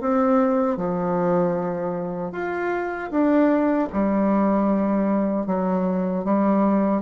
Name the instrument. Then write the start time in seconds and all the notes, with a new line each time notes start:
bassoon
0.00 C4
0.77 F3
2.32 F4
3.10 D4
3.92 G3
5.46 F#3
6.24 G3